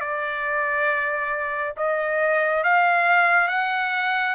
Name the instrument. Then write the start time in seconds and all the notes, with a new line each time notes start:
trumpet
0.00 D5
1.77 D#5
2.63 F5
3.48 F#5